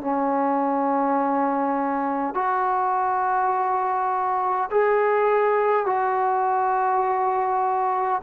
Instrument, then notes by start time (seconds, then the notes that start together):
trombone
0.00 C#4
2.34 F#4
4.71 G#4
5.86 F#4